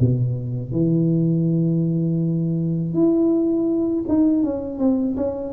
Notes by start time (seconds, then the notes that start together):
0.00 B2
0.72 E3
2.94 E4
4.08 D#4
4.43 C#4
4.79 C4
5.17 C#4